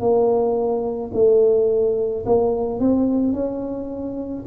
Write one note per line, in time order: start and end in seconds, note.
0.00 1.11 A#3
1.14 2.25 A3
2.26 2.80 A#3
2.80 3.33 C4
3.33 4.44 C#4